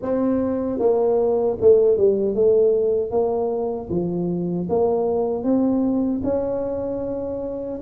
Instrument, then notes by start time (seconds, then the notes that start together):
tuba
0.02 C4
0.79 A#3
1.60 A3
1.97 G3
2.34 A3
3.11 A#3
3.89 F3
4.69 A#3
5.43 C4
6.23 C#4